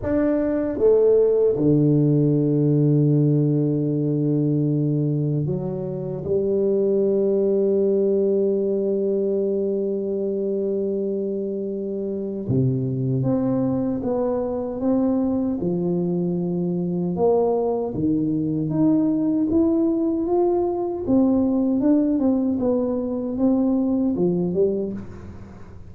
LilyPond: \new Staff \with { instrumentName = "tuba" } { \time 4/4 \tempo 4 = 77 d'4 a4 d2~ | d2. fis4 | g1~ | g1 |
c4 c'4 b4 c'4 | f2 ais4 dis4 | dis'4 e'4 f'4 c'4 | d'8 c'8 b4 c'4 f8 g8 | }